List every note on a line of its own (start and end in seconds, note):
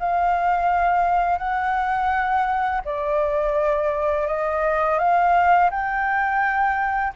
0.00 1.39 F5
1.39 2.81 F#5
2.85 4.28 D5
4.28 4.99 D#5
4.99 5.70 F5
5.71 7.14 G5